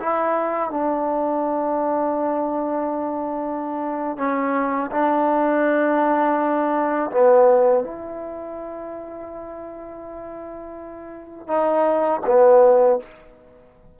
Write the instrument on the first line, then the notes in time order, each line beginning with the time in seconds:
trombone
0.00 E4
0.70 D4
4.17 C#4
4.91 D4
7.11 B3
7.84 E4
11.47 D#4
12.26 B3